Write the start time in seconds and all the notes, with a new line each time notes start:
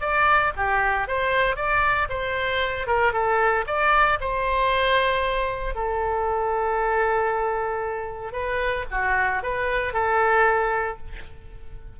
0.00 D5
0.56 G4
1.07 C5
1.56 D5
2.09 C5
2.86 A#4
3.12 A4
3.66 D5
4.20 C5
5.74 A4
8.32 B4
8.90 F#4
9.42 B4
9.93 A4